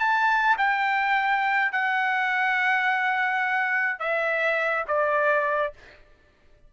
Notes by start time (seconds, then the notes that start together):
0.00 A5
0.58 G5
1.72 F#5
3.99 E5
4.88 D5